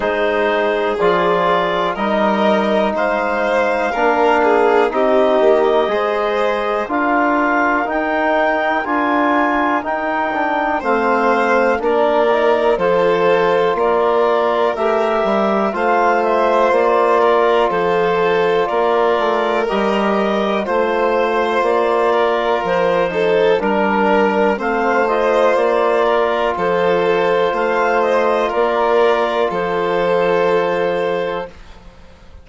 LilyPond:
<<
  \new Staff \with { instrumentName = "clarinet" } { \time 4/4 \tempo 4 = 61 c''4 d''4 dis''4 f''4~ | f''4 dis''2 f''4 | g''4 gis''4 g''4 f''4 | d''4 c''4 d''4 e''4 |
f''8 e''8 d''4 c''4 d''4 | dis''4 c''4 d''4 c''4 | ais'4 f''8 dis''8 d''4 c''4 | f''8 dis''8 d''4 c''2 | }
  \new Staff \with { instrumentName = "violin" } { \time 4/4 gis'2 ais'4 c''4 | ais'8 gis'8 g'4 c''4 ais'4~ | ais'2. c''4 | ais'4 a'4 ais'2 |
c''4. ais'8 a'4 ais'4~ | ais'4 c''4. ais'4 a'8 | ais'4 c''4. ais'8 a'4 | c''4 ais'4 a'2 | }
  \new Staff \with { instrumentName = "trombone" } { \time 4/4 dis'4 f'4 dis'2 | d'4 dis'4 gis'4 f'4 | dis'4 f'4 dis'8 d'8 c'4 | d'8 dis'8 f'2 g'4 |
f'1 | g'4 f'2~ f'8 dis'8 | d'4 c'8 f'2~ f'8~ | f'1 | }
  \new Staff \with { instrumentName = "bassoon" } { \time 4/4 gis4 f4 g4 gis4 | ais4 c'8 ais8 gis4 d'4 | dis'4 d'4 dis'4 a4 | ais4 f4 ais4 a8 g8 |
a4 ais4 f4 ais8 a8 | g4 a4 ais4 f4 | g4 a4 ais4 f4 | a4 ais4 f2 | }
>>